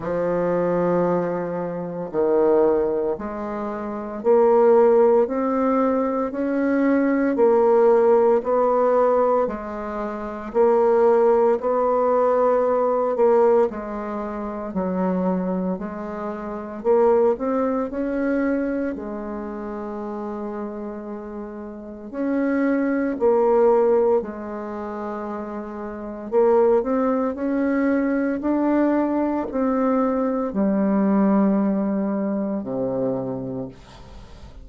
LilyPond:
\new Staff \with { instrumentName = "bassoon" } { \time 4/4 \tempo 4 = 57 f2 dis4 gis4 | ais4 c'4 cis'4 ais4 | b4 gis4 ais4 b4~ | b8 ais8 gis4 fis4 gis4 |
ais8 c'8 cis'4 gis2~ | gis4 cis'4 ais4 gis4~ | gis4 ais8 c'8 cis'4 d'4 | c'4 g2 c4 | }